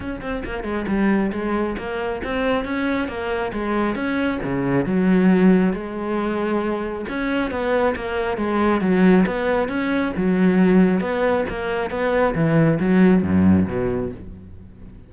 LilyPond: \new Staff \with { instrumentName = "cello" } { \time 4/4 \tempo 4 = 136 cis'8 c'8 ais8 gis8 g4 gis4 | ais4 c'4 cis'4 ais4 | gis4 cis'4 cis4 fis4~ | fis4 gis2. |
cis'4 b4 ais4 gis4 | fis4 b4 cis'4 fis4~ | fis4 b4 ais4 b4 | e4 fis4 fis,4 b,4 | }